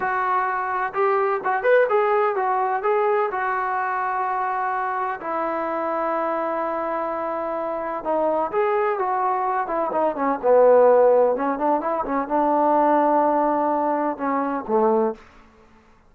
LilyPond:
\new Staff \with { instrumentName = "trombone" } { \time 4/4 \tempo 4 = 127 fis'2 g'4 fis'8 b'8 | gis'4 fis'4 gis'4 fis'4~ | fis'2. e'4~ | e'1~ |
e'4 dis'4 gis'4 fis'4~ | fis'8 e'8 dis'8 cis'8 b2 | cis'8 d'8 e'8 cis'8 d'2~ | d'2 cis'4 a4 | }